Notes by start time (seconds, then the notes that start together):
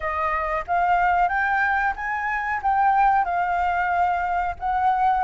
0.00 D#5
0.67 F5
1.28 G5
1.96 G#5
2.62 G5
3.24 F5
4.59 F#5